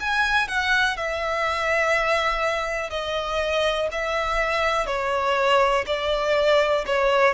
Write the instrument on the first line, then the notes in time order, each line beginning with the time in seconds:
violin
0.00 G#5
0.48 F#5
0.97 E5
2.90 D#5
3.92 E5
4.86 C#5
5.87 D5
6.86 C#5